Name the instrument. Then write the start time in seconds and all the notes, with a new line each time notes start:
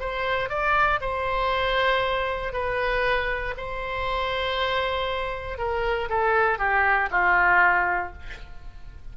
oboe
0.00 C5
0.49 D5
1.01 C5
2.53 B4
3.57 C5
5.58 A#4
6.09 A4
6.58 G4
7.11 F4